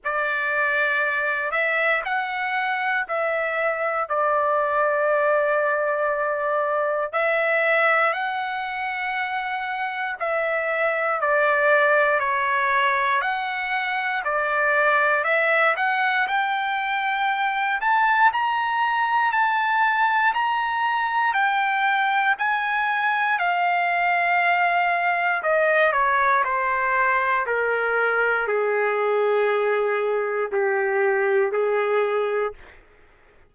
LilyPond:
\new Staff \with { instrumentName = "trumpet" } { \time 4/4 \tempo 4 = 59 d''4. e''8 fis''4 e''4 | d''2. e''4 | fis''2 e''4 d''4 | cis''4 fis''4 d''4 e''8 fis''8 |
g''4. a''8 ais''4 a''4 | ais''4 g''4 gis''4 f''4~ | f''4 dis''8 cis''8 c''4 ais'4 | gis'2 g'4 gis'4 | }